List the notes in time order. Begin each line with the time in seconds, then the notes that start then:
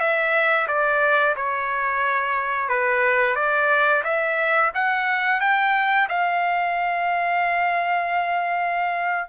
0.00 E5
0.68 D5
1.36 C#5
2.69 B4
3.36 D5
4.04 E5
4.74 F#5
5.41 G5
6.09 F5